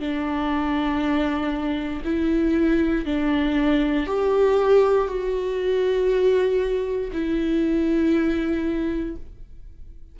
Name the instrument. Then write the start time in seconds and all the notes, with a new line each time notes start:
viola
0.00 D4
2.05 E4
3.06 D4
4.07 G4
5.08 F#4
7.13 E4